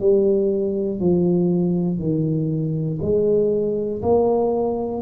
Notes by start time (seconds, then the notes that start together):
0.00 G3
1.00 F3
1.99 D#3
3.02 G#3
4.02 A#3